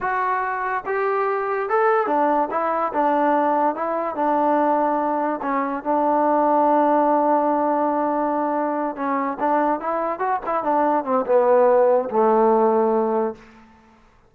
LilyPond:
\new Staff \with { instrumentName = "trombone" } { \time 4/4 \tempo 4 = 144 fis'2 g'2 | a'4 d'4 e'4 d'4~ | d'4 e'4 d'2~ | d'4 cis'4 d'2~ |
d'1~ | d'4. cis'4 d'4 e'8~ | e'8 fis'8 e'8 d'4 c'8 b4~ | b4 a2. | }